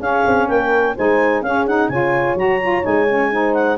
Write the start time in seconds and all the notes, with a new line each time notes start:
0.00 C#4 G#4 F5
0.27 C4
0.48 A#3 A#4 G5
0.96 G#3 D#4 C5 G#5
1.42 C#4 G#4 F5
1.67 D#4 F#5
1.89 C#3 F4 C#5 G#5
2.36 F#3 F#4 A#5
2.61 F4
2.83 G#3 D#4 G#5
3.09 C#4
3.32 D#4 C5
3.54 F#5